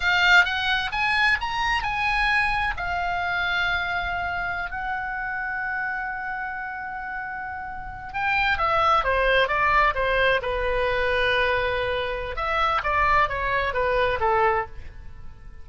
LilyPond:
\new Staff \with { instrumentName = "oboe" } { \time 4/4 \tempo 4 = 131 f''4 fis''4 gis''4 ais''4 | gis''2 f''2~ | f''2~ f''16 fis''4.~ fis''16~ | fis''1~ |
fis''4.~ fis''16 g''4 e''4 c''16~ | c''8. d''4 c''4 b'4~ b'16~ | b'2. e''4 | d''4 cis''4 b'4 a'4 | }